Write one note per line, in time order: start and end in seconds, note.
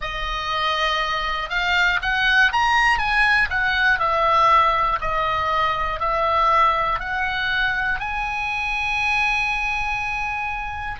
0.00 1.50 D#5
1.50 2.00 F5
2.01 2.51 F#5
2.52 2.98 A#5
2.98 3.48 G#5
3.50 3.99 F#5
3.99 4.99 E5
5.00 6.00 D#5
6.00 7.00 E5
7.00 8.00 F#5
8.00 10.99 G#5